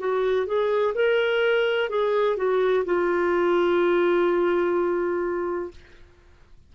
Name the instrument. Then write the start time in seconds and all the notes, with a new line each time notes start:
clarinet
0.00 F#4
0.47 G#4
0.95 A#4
1.90 G#4
2.37 F#4
2.86 F4